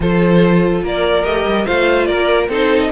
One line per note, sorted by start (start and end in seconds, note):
0.00 0.82 F3
0.00 1.24 F4
0.00 0.84 A4
0.00 0.84 C5
0.82 1.24 A#3
0.82 1.65 A#4
0.82 1.25 D5
1.24 1.45 A3
1.24 1.65 G4
1.24 1.66 D#5
1.45 1.66 G3
1.65 2.09 A3
1.65 2.49 F4
1.65 2.07 C5
1.65 2.06 F5
2.06 2.48 A#3
2.06 2.48 A#4
2.06 2.47 D5
2.48 2.90 C4
2.48 2.91 D#4
2.48 2.90 A4
2.48 2.80 C5
2.80 2.90 D#5